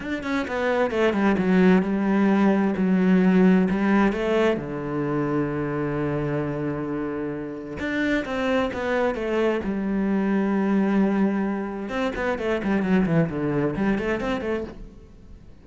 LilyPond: \new Staff \with { instrumentName = "cello" } { \time 4/4 \tempo 4 = 131 d'8 cis'8 b4 a8 g8 fis4 | g2 fis2 | g4 a4 d2~ | d1~ |
d4 d'4 c'4 b4 | a4 g2.~ | g2 c'8 b8 a8 g8 | fis8 e8 d4 g8 a8 c'8 a8 | }